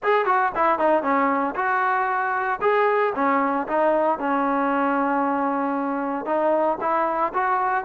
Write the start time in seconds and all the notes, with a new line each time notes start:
0.03 G#4
0.25 F#4
0.55 E4
0.78 D#4
1.02 C#4
1.55 F#4
2.61 G#4
3.15 C#4
3.67 D#4
4.18 C#4
6.25 D#4
6.80 E4
7.33 F#4